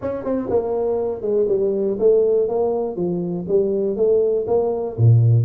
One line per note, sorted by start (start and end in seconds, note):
0.01 0.24 C#4
0.24 0.49 C4
0.50 1.21 A#3
1.21 1.46 G#3
1.48 1.98 G3
1.99 2.48 A3
2.48 2.96 A#3
2.96 3.45 F3
3.47 3.96 G3
3.96 4.45 A3
4.47 4.96 A#3
4.97 5.44 A#2